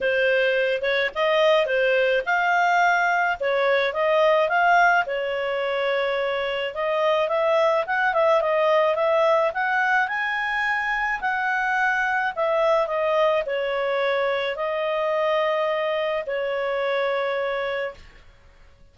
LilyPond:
\new Staff \with { instrumentName = "clarinet" } { \time 4/4 \tempo 4 = 107 c''4. cis''8 dis''4 c''4 | f''2 cis''4 dis''4 | f''4 cis''2. | dis''4 e''4 fis''8 e''8 dis''4 |
e''4 fis''4 gis''2 | fis''2 e''4 dis''4 | cis''2 dis''2~ | dis''4 cis''2. | }